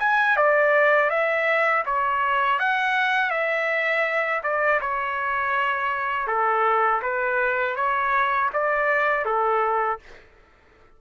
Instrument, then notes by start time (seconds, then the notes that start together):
trumpet
0.00 G#5
0.37 D5
1.10 E5
1.86 C#5
2.60 F#5
3.31 E5
4.43 D5
4.81 C#5
6.28 A4
7.02 B4
7.76 C#5
8.54 D5
9.25 A4